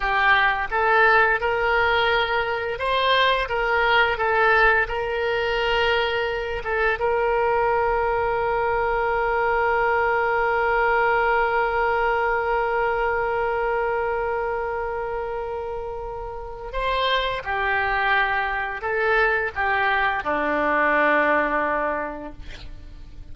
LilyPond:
\new Staff \with { instrumentName = "oboe" } { \time 4/4 \tempo 4 = 86 g'4 a'4 ais'2 | c''4 ais'4 a'4 ais'4~ | ais'4. a'8 ais'2~ | ais'1~ |
ais'1~ | ais'1 | c''4 g'2 a'4 | g'4 d'2. | }